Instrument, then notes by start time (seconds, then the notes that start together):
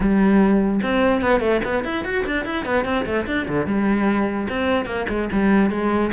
cello
0.00 G3
0.82 C4
1.21 B3
1.40 A3
1.64 B3
1.84 E4
2.04 F#4
2.26 D4
2.45 E4
2.65 B3
2.84 C4
3.05 A3
3.26 D4
3.48 D3
3.66 G3
4.49 C4
4.85 A#3
5.08 G#3
5.32 G3
5.70 G#3